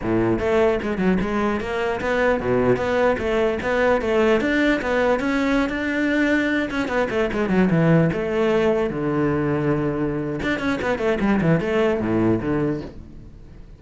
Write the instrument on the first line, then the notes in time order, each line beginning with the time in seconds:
cello
0.01 A2
0.39 A3
0.82 G#3
0.98 F#3
1.21 G#3
1.60 A#3
2.01 B3
2.40 B2
2.76 B3
3.18 A3
3.62 B3
4.01 A3
4.41 D4
4.81 B3
5.19 C#4
5.69 D4
6.70 C#4
6.88 B3
7.09 A3
7.32 G#3
7.49 F#3
7.70 E3
8.12 A3
8.90 D3
10.42 D4
10.59 C#4
10.81 B3
10.98 A3
11.20 G3
11.41 E3
11.60 A3
12.00 A2
12.41 D3